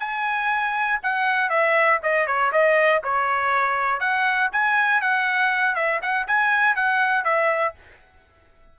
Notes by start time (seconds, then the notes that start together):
0.00 G#5
1.03 F#5
1.50 E5
2.03 D#5
2.27 C#5
2.52 D#5
3.04 C#5
4.00 F#5
4.52 G#5
5.02 F#5
5.75 E5
6.02 F#5
6.28 G#5
6.76 F#5
7.25 E5